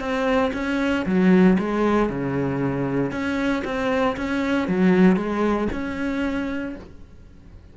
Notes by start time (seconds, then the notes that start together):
0.00 C4
0.54 C#4
1.06 F#3
1.59 G#3
2.10 C#3
3.12 C#4
3.65 C4
4.17 C#4
4.68 F#3
5.17 G#3
5.72 C#4